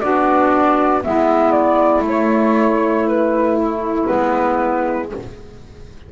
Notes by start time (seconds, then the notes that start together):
0.00 B3 D4 F#4 D5
1.02 G#3 B3 E4 E5
1.51 D5
2.01 A3 C#5
3.08 B4
3.56 E4
4.06 G#3 B3 B4